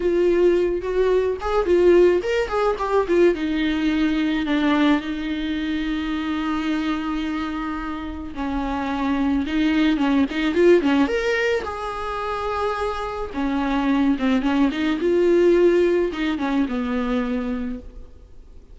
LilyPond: \new Staff \with { instrumentName = "viola" } { \time 4/4 \tempo 4 = 108 f'4. fis'4 gis'8 f'4 | ais'8 gis'8 g'8 f'8 dis'2 | d'4 dis'2.~ | dis'2. cis'4~ |
cis'4 dis'4 cis'8 dis'8 f'8 cis'8 | ais'4 gis'2. | cis'4. c'8 cis'8 dis'8 f'4~ | f'4 dis'8 cis'8 b2 | }